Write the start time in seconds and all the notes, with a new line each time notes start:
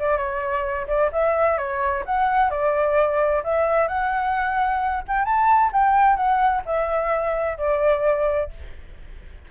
0.00 D5
0.18 C#5
0.88 D5
1.12 E5
1.58 C#5
2.06 F#5
2.50 D5
3.44 E5
3.88 F#5
5.08 G5
5.25 A5
5.73 G5
6.17 F#5
6.66 E5
7.58 D5